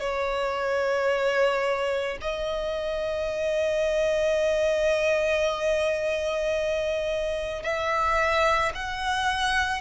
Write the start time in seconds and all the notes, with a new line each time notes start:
0.00 C#5
2.22 D#5
7.63 E5
8.75 F#5